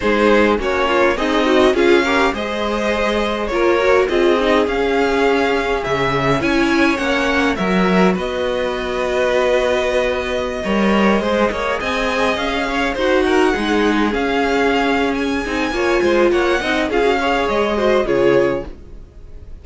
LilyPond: <<
  \new Staff \with { instrumentName = "violin" } { \time 4/4 \tempo 4 = 103 c''4 cis''4 dis''4 f''4 | dis''2 cis''4 dis''4 | f''2 e''4 gis''4 | fis''4 e''4 dis''2~ |
dis''1~ | dis''16 gis''4 f''4 fis''4.~ fis''16~ | fis''16 f''4.~ f''16 gis''2 | fis''4 f''4 dis''4 cis''4 | }
  \new Staff \with { instrumentName = "violin" } { \time 4/4 gis'4 fis'8 f'8 dis'4 gis'8 ais'8 | c''2 ais'4 gis'4~ | gis'2. cis''4~ | cis''4 ais'4 b'2~ |
b'2~ b'16 cis''4 c''8 cis''16~ | cis''16 dis''4. cis''8 c''8 ais'8 gis'8.~ | gis'2. cis''8 c''8 | cis''8 dis''8 gis'8 cis''4 c''8 gis'4 | }
  \new Staff \with { instrumentName = "viola" } { \time 4/4 dis'4 cis'4 gis'8 fis'8 f'8 g'8 | gis'2 f'8 fis'8 f'8 dis'8 | cis'2. e'4 | cis'4 fis'2.~ |
fis'2~ fis'16 ais'4 gis'8.~ | gis'2~ gis'16 fis'4 dis'8.~ | dis'16 cis'2~ cis'16 dis'8 f'4~ | f'8 dis'8 f'16 fis'16 gis'4 fis'8 f'4 | }
  \new Staff \with { instrumentName = "cello" } { \time 4/4 gis4 ais4 c'4 cis'4 | gis2 ais4 c'4 | cis'2 cis4 cis'4 | ais4 fis4 b2~ |
b2~ b16 g4 gis8 ais16~ | ais16 c'4 cis'4 dis'4 gis8.~ | gis16 cis'2~ cis'16 c'8 ais8 gis8 | ais8 c'8 cis'4 gis4 cis4 | }
>>